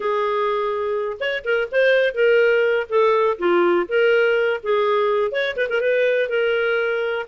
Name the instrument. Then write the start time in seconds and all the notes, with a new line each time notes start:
clarinet
0.00 G#4
1.19 C#5
1.44 A#4
1.71 C5
2.14 A#4
2.89 A4
3.38 F4
3.88 A#4
4.63 G#4
5.31 C#5
5.56 B4
5.69 A#4
5.81 B4
6.29 A#4